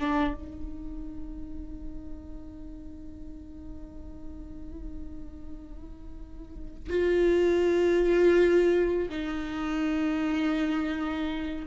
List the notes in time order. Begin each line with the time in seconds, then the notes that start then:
0.00 D4
0.35 D#4
6.90 F4
9.10 D#4